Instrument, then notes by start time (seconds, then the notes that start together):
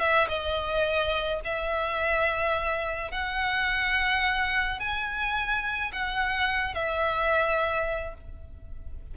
violin
0.00 E5
0.29 D#5
1.45 E5
3.12 F#5
4.80 G#5
5.93 F#5
6.75 E5